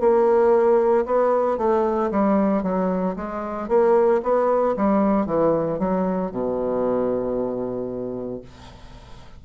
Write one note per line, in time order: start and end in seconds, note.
0.00 1.05 A#3
1.06 1.57 B3
1.57 2.10 A3
2.11 2.63 G3
2.63 3.15 F#3
3.16 3.68 G#3
3.68 4.21 A#3
4.22 4.75 B3
4.76 5.26 G3
5.26 5.78 E3
5.78 6.31 F#3
6.31 8.42 B2